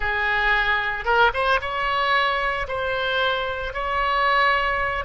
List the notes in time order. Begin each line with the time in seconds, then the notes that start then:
0.00 G#4
1.04 A#4
1.33 C5
1.61 C#5
2.67 C5
3.73 C#5